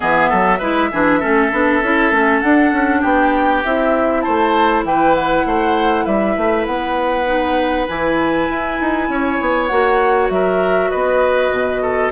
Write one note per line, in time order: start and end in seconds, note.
0.00 0.32 E3
0.00 0.59 B3
0.00 0.29 G#4
0.00 2.40 E5
0.29 0.61 F#3
0.29 0.58 A4
0.58 0.91 G#3
0.58 0.91 E4
0.58 0.88 B4
0.92 1.23 E3
0.92 1.20 D4
0.92 1.19 G#4
1.19 1.52 A3
1.19 1.51 C#4
1.19 3.00 A4
1.51 1.82 B3
1.51 1.82 D4
1.82 2.11 C#4
1.82 2.12 E4
2.11 2.42 A3
2.11 2.42 C#4
2.40 3.63 D4
2.40 2.72 D4
2.40 3.01 F#5
2.72 3.02 C#4
3.00 3.64 B3
3.00 4.21 G4
3.00 3.62 G5
3.64 4.25 C4
3.64 7.26 E4
3.64 4.21 E5
4.21 4.83 A3
4.21 4.84 C5
4.21 4.82 A5
4.83 5.44 E3
4.83 5.46 B4
4.83 5.14 G5
5.14 6.05 F#5
5.45 6.06 A3
5.45 6.04 C5
6.04 6.36 G3
6.04 9.07 B4
6.04 6.65 E5
6.37 6.66 A3
6.66 7.88 B3
6.66 7.87 F#5
7.26 7.86 D#4
7.88 8.49 E3
7.88 9.69 E4
7.88 9.67 G#5
8.49 8.79 E4
8.80 9.08 D#4
9.08 9.39 C#4
9.08 10.32 C#5
9.41 9.71 B3
9.67 10.29 A#3
9.67 12.12 F#4
9.67 10.27 F#5
10.29 10.90 F#3
10.29 10.90 A#4
10.29 10.90 E5
10.90 11.51 B3
10.90 11.81 B4
10.90 12.11 D#5
11.51 12.11 B2
11.82 12.12 A4